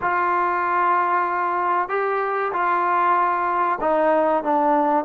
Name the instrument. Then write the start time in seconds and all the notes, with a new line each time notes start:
trombone
0.01 F4
1.89 G4
2.52 F4
3.80 D#4
4.43 D4